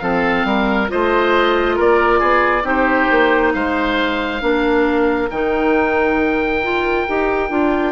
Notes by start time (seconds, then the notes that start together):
0.00 F3 C4 A4 F5
0.45 G3 A#4
0.88 A3 F4 C5 D#5
1.76 A#3 A#4 D5
2.19 B3 G#4
2.64 C4 D#4 G4 C5
3.11 A#3
3.54 G#3 C5 F5
4.41 A#3 D4 A#4
5.31 D#3 D#4 G5
6.63 F4
7.08 D#4 G4
7.50 D4 F4